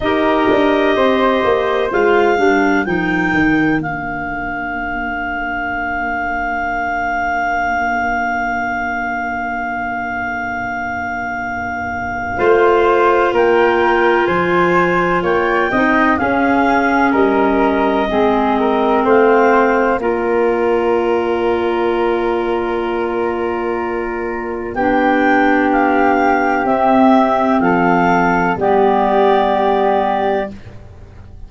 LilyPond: <<
  \new Staff \with { instrumentName = "clarinet" } { \time 4/4 \tempo 4 = 63 dis''2 f''4 g''4 | f''1~ | f''1~ | f''2 g''4 gis''4 |
g''4 f''4 dis''2 | f''4 d''2.~ | d''2 g''4 f''4 | e''4 f''4 d''2 | }
  \new Staff \with { instrumentName = "flute" } { \time 4/4 ais'4 c''4. ais'4.~ | ais'1~ | ais'1~ | ais'4 c''4 ais'4 c''4 |
cis''8 dis''8 gis'4 ais'4 gis'8 ais'8 | c''4 ais'2.~ | ais'2 g'2~ | g'4 a'4 g'2 | }
  \new Staff \with { instrumentName = "clarinet" } { \time 4/4 g'2 f'8 d'8 dis'4 | d'1~ | d'1~ | d'4 f'2.~ |
f'8 dis'8 cis'2 c'4~ | c'4 f'2.~ | f'2 d'2 | c'2 b2 | }
  \new Staff \with { instrumentName = "tuba" } { \time 4/4 dis'8 d'8 c'8 ais8 gis8 g8 f8 dis8 | ais1~ | ais1~ | ais4 a4 ais4 f4 |
ais8 c'8 cis'4 g4 gis4 | a4 ais2.~ | ais2 b2 | c'4 f4 g2 | }
>>